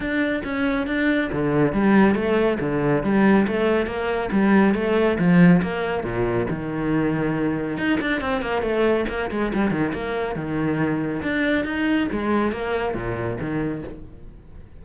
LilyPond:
\new Staff \with { instrumentName = "cello" } { \time 4/4 \tempo 4 = 139 d'4 cis'4 d'4 d4 | g4 a4 d4 g4 | a4 ais4 g4 a4 | f4 ais4 ais,4 dis4~ |
dis2 dis'8 d'8 c'8 ais8 | a4 ais8 gis8 g8 dis8 ais4 | dis2 d'4 dis'4 | gis4 ais4 ais,4 dis4 | }